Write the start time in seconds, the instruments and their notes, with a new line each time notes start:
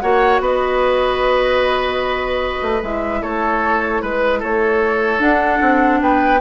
0.00 bassoon A#3, clarinet F#4, oboe C#5, flute F#5
0.40 bassoon B3, oboe B4, flute D#5
2.62 bassoon A3
2.81 bassoon G#3, clarinet E4, flute E5
3.22 bassoon A3, oboe A4, flute C#5
4.02 bassoon G#3, flute B4, oboe B4
4.39 bassoon A3, oboe A4, flute C#5
5.19 clarinet D4, bassoon D4, flute F#5
5.61 bassoon C4
6.01 bassoon B3, oboe B4, flute G5